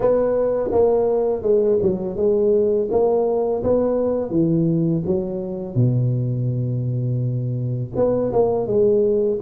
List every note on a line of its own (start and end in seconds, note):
0.00 0.70 B3
0.71 1.42 A#3
1.42 1.78 G#3
1.81 2.16 F#3
2.16 2.88 G#3
2.90 3.62 A#3
3.63 4.30 B3
4.30 5.02 E3
5.05 5.75 F#3
5.75 7.92 B2
7.95 8.31 B3
8.32 8.66 A#3
8.66 9.38 G#3